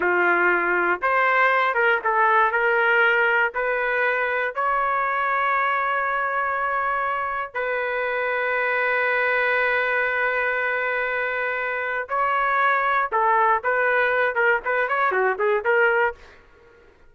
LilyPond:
\new Staff \with { instrumentName = "trumpet" } { \time 4/4 \tempo 4 = 119 f'2 c''4. ais'8 | a'4 ais'2 b'4~ | b'4 cis''2.~ | cis''2. b'4~ |
b'1~ | b'1 | cis''2 a'4 b'4~ | b'8 ais'8 b'8 cis''8 fis'8 gis'8 ais'4 | }